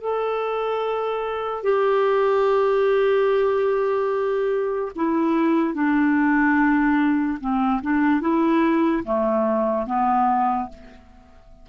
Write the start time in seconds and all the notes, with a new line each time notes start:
0.00 A4
1.63 G4
4.95 E4
5.73 D4
7.40 C4
7.82 D4
8.20 E4
9.04 A3
9.86 B3